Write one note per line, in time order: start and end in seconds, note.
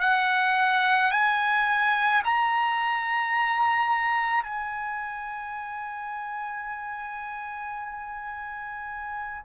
0.00 1.11 F#5
1.11 2.22 G#5
2.24 4.43 A#5
4.43 9.43 G#5